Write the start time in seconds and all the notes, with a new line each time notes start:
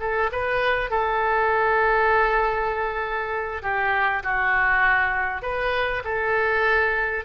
0.00 A4
0.32 B4
0.90 A4
3.63 G4
4.23 F#4
5.42 B4
6.04 A4